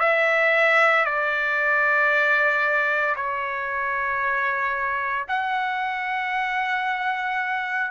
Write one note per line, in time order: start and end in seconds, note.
0.00 1.05 E5
1.05 3.16 D5
3.16 5.26 C#5
5.29 7.91 F#5